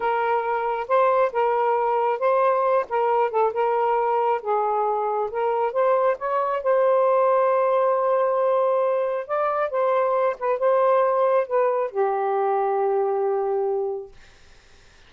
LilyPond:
\new Staff \with { instrumentName = "saxophone" } { \time 4/4 \tempo 4 = 136 ais'2 c''4 ais'4~ | ais'4 c''4. ais'4 a'8 | ais'2 gis'2 | ais'4 c''4 cis''4 c''4~ |
c''1~ | c''4 d''4 c''4. b'8 | c''2 b'4 g'4~ | g'1 | }